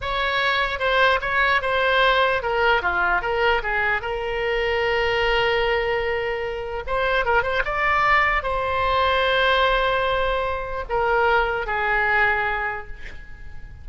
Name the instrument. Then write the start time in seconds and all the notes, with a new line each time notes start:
oboe
0.01 C#5
0.79 C5
1.21 C#5
1.61 C5
2.42 A#4
2.82 F4
3.21 A#4
3.62 G#4
4.01 A#4
6.86 C5
7.25 A#4
7.42 C5
7.65 D5
8.43 C5
10.89 A#4
11.66 G#4